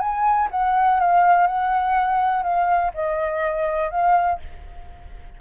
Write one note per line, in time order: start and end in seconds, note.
0.00 0.49 G#5
0.51 1.00 F#5
1.00 1.47 F5
1.47 2.43 F#5
2.43 2.92 F5
2.94 3.91 D#5
3.91 4.40 F5